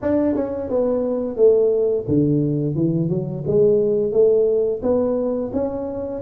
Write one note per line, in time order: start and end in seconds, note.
0.02 0.35 D4
0.35 0.69 C#4
0.69 1.36 B3
1.36 2.05 A3
2.08 2.75 D3
2.75 3.08 E3
3.08 3.43 F#3
3.46 4.12 G#3
4.12 4.81 A3
4.82 5.51 B3
5.53 6.22 C#4